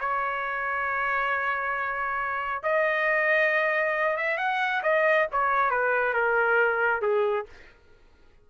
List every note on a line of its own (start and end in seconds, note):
0.00 2.63 C#5
2.63 4.17 D#5
4.17 4.38 E5
4.38 4.82 F#5
4.83 5.27 D#5
5.32 5.71 C#5
5.71 6.14 B4
6.14 7.02 A#4
7.02 7.46 G#4